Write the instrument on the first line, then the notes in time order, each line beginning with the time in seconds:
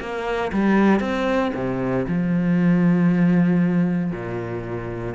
cello
0.00 A#3
0.53 G3
1.00 C4
1.54 C3
2.08 F3
4.12 A#2